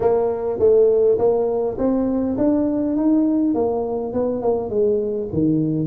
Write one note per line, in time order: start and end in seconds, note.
0.00 0.59 A#3
0.59 1.18 A3
1.18 1.77 A#3
1.78 2.36 C4
2.37 2.96 D4
2.96 3.54 D#4
3.54 4.13 A#3
4.13 4.41 B3
4.41 4.69 A#3
4.69 5.28 G#3
5.32 5.87 D#3